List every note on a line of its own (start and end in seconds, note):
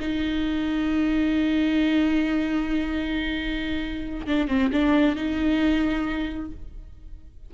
0.00 4.27 D#4
4.27 4.48 D4
4.48 4.70 C4
4.72 5.16 D4
5.16 6.51 D#4